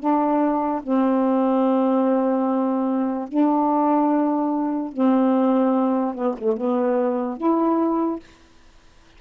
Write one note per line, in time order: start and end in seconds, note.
0.00 0.82 D4
0.83 3.29 C4
3.29 4.93 D4
4.93 6.15 C4
6.15 6.35 B3
6.38 6.57 A3
6.57 7.37 B3
7.37 8.20 E4